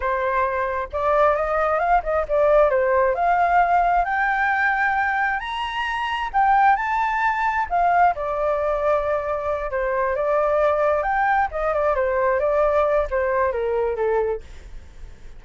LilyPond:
\new Staff \with { instrumentName = "flute" } { \time 4/4 \tempo 4 = 133 c''2 d''4 dis''4 | f''8 dis''8 d''4 c''4 f''4~ | f''4 g''2. | ais''2 g''4 a''4~ |
a''4 f''4 d''2~ | d''4. c''4 d''4.~ | d''8 g''4 dis''8 d''8 c''4 d''8~ | d''4 c''4 ais'4 a'4 | }